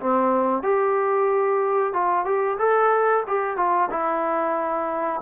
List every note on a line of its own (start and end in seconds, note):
0.00 0.63 C4
0.63 1.93 G4
1.93 2.25 F4
2.25 2.57 G4
2.58 3.23 A4
3.27 3.56 G4
3.56 3.89 F4
3.90 5.21 E4